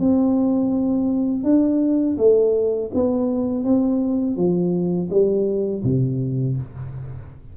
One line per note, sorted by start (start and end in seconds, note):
0.00 1.44 C4
1.44 2.17 D4
2.18 2.91 A3
2.94 3.64 B3
3.64 4.37 C4
4.37 5.10 F3
5.11 5.84 G3
5.84 6.57 C3